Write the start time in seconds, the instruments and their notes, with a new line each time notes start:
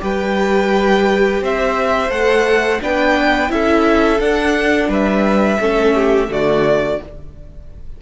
0.00 cello G3, viola G4, violin B4 G5
1.42 cello C4, violin C5 E5
2.09 cello A3, viola A4, violin F#5
2.81 cello B3, viola D4, violin B4 G5
3.49 cello C#4, viola E4, violin A4 E5
4.20 viola D4, cello D4, violin F#5
4.88 cello G3, violin B4 E5
5.60 cello A3, viola C#4, violin A4
5.95 violin G4
6.28 cello D3, viola A3, violin F#4 D5